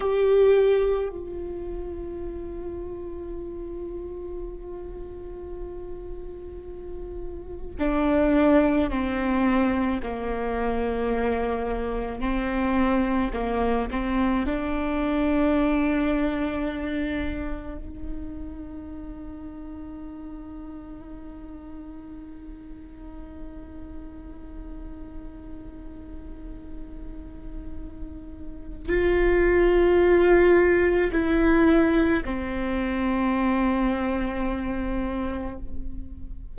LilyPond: \new Staff \with { instrumentName = "viola" } { \time 4/4 \tempo 4 = 54 g'4 f'2.~ | f'2. d'4 | c'4 ais2 c'4 | ais8 c'8 d'2. |
dis'1~ | dis'1~ | dis'2 f'2 | e'4 c'2. | }